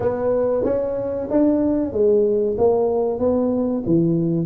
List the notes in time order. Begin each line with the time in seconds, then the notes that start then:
0.00 B3
0.64 C#4
1.30 D4
1.92 G#3
2.57 A#3
3.19 B3
3.86 E3